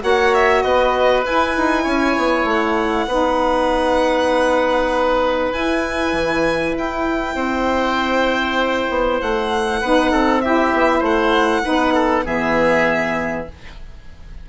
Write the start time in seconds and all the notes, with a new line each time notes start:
0.00 A#3 F#4 C#5 F#5
0.34 E5
0.62 B3 B4 D#5
1.23 E4 G#5
1.57 D#4
1.83 C#4 C#5
2.17 B3
2.44 A3 F#5
3.07 B3 D#4 B4
5.52 E4 G#5
6.12 E3
6.78 E4 G5
7.35 C4 C5
8.89 B3
9.21 A3 F#5
9.80 B3 D#4 B4
10.11 C4 A4
10.41 E4 G4 E5
10.73 B3
10.99 A3 C5 F#5
11.63 B3 D#4 B4
11.93 A4
12.24 E3 B3 G#4 E5